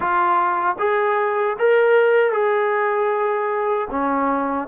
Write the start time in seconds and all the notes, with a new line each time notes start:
0.00 F4
0.78 G#4
1.58 A#4
2.32 G#4
3.90 C#4